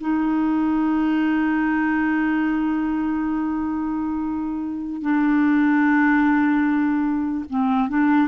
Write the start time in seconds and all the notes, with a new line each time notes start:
0.00 D#4
5.01 D4
7.49 C4
7.89 D4